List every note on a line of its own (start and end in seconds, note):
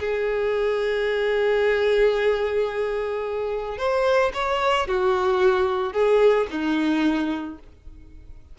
0.00 3.78 G#4
3.78 4.32 C5
4.34 4.88 C#5
4.88 5.93 F#4
5.93 6.47 G#4
6.51 7.59 D#4